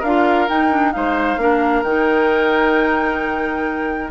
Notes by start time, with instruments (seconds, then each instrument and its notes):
0.00 bassoon D4, clarinet F4, oboe A#4, flute F5
0.49 clarinet D#4, bassoon D#4, flute G5
0.72 clarinet D4
0.92 bassoon G#3, clarinet D#4, oboe C5, flute F5
1.37 bassoon A#3, clarinet D4, oboe A#4
1.83 bassoon D#3, clarinet D#4, flute G5